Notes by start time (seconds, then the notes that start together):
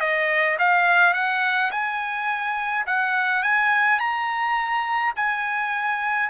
0.00 D#5
0.59 F5
1.14 F#5
1.71 G#5
2.86 F#5
3.43 G#5
3.99 A#5
5.16 G#5